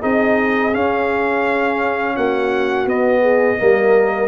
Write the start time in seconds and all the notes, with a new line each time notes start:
0.00 C4 D#4 G#4 D#5
0.73 C#4 F5
2.15 A#3 F#4 F#5
2.85 B3 D#5
3.21 G#4
3.57 G3 A#3 A#4